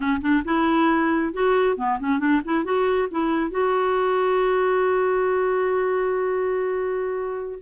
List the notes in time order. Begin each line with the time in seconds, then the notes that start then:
0.00 C#4
0.21 D4
0.45 E4
1.33 F#4
1.76 B3
1.99 C#4
2.19 D4
2.44 E4
2.64 F#4
3.11 E4
3.50 F#4